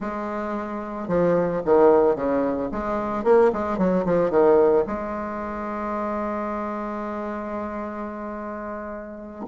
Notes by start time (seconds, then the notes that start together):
0.00 G#3
1.07 F3
1.65 D#3
2.15 C#3
2.71 G#3
3.24 A#3
3.52 G#3
3.77 F#3
4.05 F3
4.30 D#3
4.86 G#3